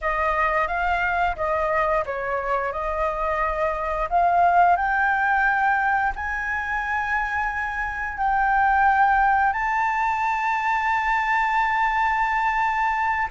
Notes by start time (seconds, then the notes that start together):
0.01 D#5
0.67 F5
1.36 D#5
2.05 C#5
2.72 D#5
4.09 F5
4.76 G5
6.15 G#5
8.17 G5
9.52 A5